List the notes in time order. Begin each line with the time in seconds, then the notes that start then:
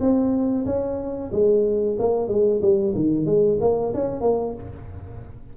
0.00 C4
0.65 C#4
1.31 G#3
1.99 A#3
2.28 G#3
2.61 G3
2.95 D#3
3.25 G#3
3.60 A#3
3.94 C#4
4.21 A#3